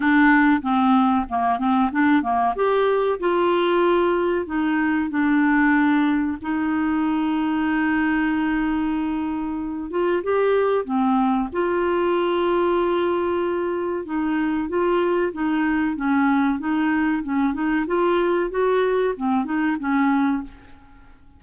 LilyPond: \new Staff \with { instrumentName = "clarinet" } { \time 4/4 \tempo 4 = 94 d'4 c'4 ais8 c'8 d'8 ais8 | g'4 f'2 dis'4 | d'2 dis'2~ | dis'2.~ dis'8 f'8 |
g'4 c'4 f'2~ | f'2 dis'4 f'4 | dis'4 cis'4 dis'4 cis'8 dis'8 | f'4 fis'4 c'8 dis'8 cis'4 | }